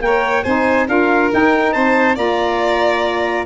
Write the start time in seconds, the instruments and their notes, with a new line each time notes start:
0.00 tuba A#3, saxophone A#4, violin C#5, trumpet G5
0.43 tuba C4, saxophone D#4, violin C5, trumpet G#5
0.88 tuba D4, saxophone F4, violin A#4, trumpet F5
1.31 saxophone D#4, tuba D#4, trumpet G5
1.72 tuba C4, violin C5, trumpet A5
2.15 tuba A#3, saxophone F4, violin D5, trumpet A#5